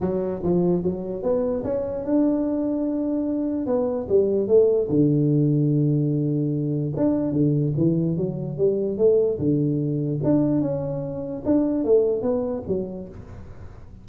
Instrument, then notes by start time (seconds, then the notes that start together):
tuba
0.01 F#3
0.43 F3
0.83 F#3
1.22 B3
1.64 C#4
2.04 D4
3.66 B3
4.08 G3
4.47 A3
4.89 D3
6.96 D4
7.32 D3
7.77 E3
8.16 F#3
8.57 G3
8.97 A3
9.39 D3
10.23 D4
10.61 C#4
11.45 D4
11.84 A3
12.22 B3
12.67 F#3